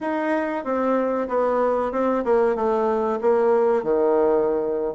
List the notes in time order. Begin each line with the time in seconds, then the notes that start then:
0.00 D#4
0.64 C4
1.28 B3
1.92 C4
2.24 A#3
2.55 A3
3.21 A#3
3.83 D#3